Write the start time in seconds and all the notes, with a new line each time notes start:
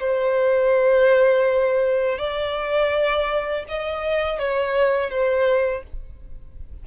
0.00 C5
2.18 D5
3.68 D#5
4.39 C#5
5.10 C5